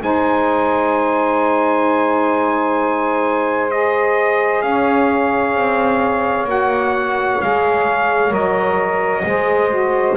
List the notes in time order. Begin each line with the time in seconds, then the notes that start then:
0.00 G#3 D#4 C5 G#5
3.71 G#4 D#5
4.62 C#4 C#5 F5
5.54 C4
6.44 A#3 F#4 F#5
7.41 G#3 G#4 F5
8.29 F#3 A#4 D#5
9.25 G#3 G#4 C5
9.69 F#4